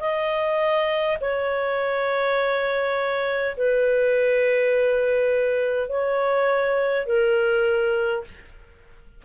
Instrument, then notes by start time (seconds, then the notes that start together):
clarinet
0.00 D#5
1.21 C#5
3.57 B4
5.89 C#5
7.07 A#4